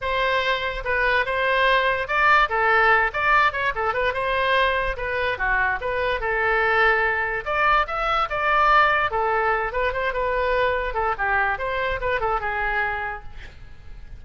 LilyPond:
\new Staff \with { instrumentName = "oboe" } { \time 4/4 \tempo 4 = 145 c''2 b'4 c''4~ | c''4 d''4 a'4. d''8~ | d''8 cis''8 a'8 b'8 c''2 | b'4 fis'4 b'4 a'4~ |
a'2 d''4 e''4 | d''2 a'4. b'8 | c''8 b'2 a'8 g'4 | c''4 b'8 a'8 gis'2 | }